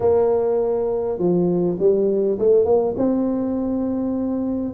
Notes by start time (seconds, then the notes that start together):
0.00 A#3
1.18 F3
1.79 G3
2.38 A3
2.65 A#3
2.97 C4